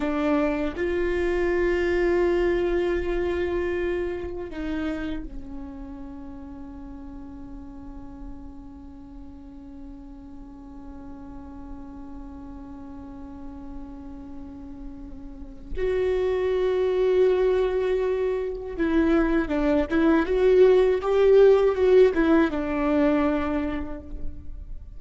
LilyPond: \new Staff \with { instrumentName = "viola" } { \time 4/4 \tempo 4 = 80 d'4 f'2.~ | f'2 dis'4 cis'4~ | cis'1~ | cis'1~ |
cis'1~ | cis'4 fis'2.~ | fis'4 e'4 d'8 e'8 fis'4 | g'4 fis'8 e'8 d'2 | }